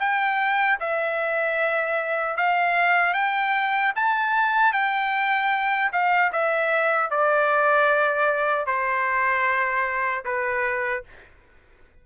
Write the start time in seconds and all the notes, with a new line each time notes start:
0.00 G5
0.81 E5
2.37 F5
3.14 G5
3.96 A5
4.74 G5
5.93 F5
6.33 E5
7.11 D5
8.67 C5
10.25 B4